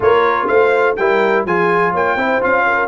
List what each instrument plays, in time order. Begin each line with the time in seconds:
0.00 tuba A#3, trombone F4, horn A#4, trumpet C#5
0.47 tuba A3, horn C5, trumpet F5
0.96 tuba G3, trombone E4, horn A#4, trumpet G5
1.45 tuba F3, trombone F4, horn G#4, trumpet G#5
1.91 tuba A#3, horn C#5, trumpet G5
2.15 tuba C4, trombone E4, horn C5
2.40 tuba C#4, trombone F4, trumpet F5
2.67 horn A#4